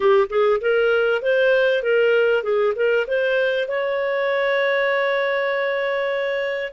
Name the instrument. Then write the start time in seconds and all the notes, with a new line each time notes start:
clarinet
0.00 G4
0.29 G#4
0.60 A#4
1.22 C5
1.82 A#4
2.43 G#4
2.76 A#4
3.07 C5
3.67 C#5